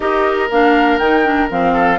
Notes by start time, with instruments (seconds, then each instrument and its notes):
0.00 bassoon D#4, clarinet G4, oboe A#4, flute D#5
0.50 bassoon A#3, clarinet D4, flute F5
0.97 bassoon D#3, clarinet D#4, flute G5
1.24 clarinet D4
1.50 bassoon F3, clarinet C4, flute F5
1.73 oboe A4